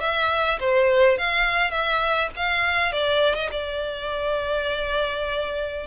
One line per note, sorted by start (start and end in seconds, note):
0.00 0.59 E5
0.60 1.18 C5
1.18 1.70 F5
1.70 2.29 E5
2.36 2.92 F5
2.92 3.34 D5
3.34 3.49 D#5
3.51 5.86 D5